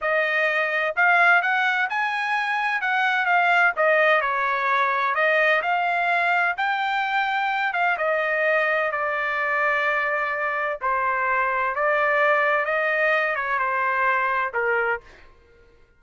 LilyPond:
\new Staff \with { instrumentName = "trumpet" } { \time 4/4 \tempo 4 = 128 dis''2 f''4 fis''4 | gis''2 fis''4 f''4 | dis''4 cis''2 dis''4 | f''2 g''2~ |
g''8 f''8 dis''2 d''4~ | d''2. c''4~ | c''4 d''2 dis''4~ | dis''8 cis''8 c''2 ais'4 | }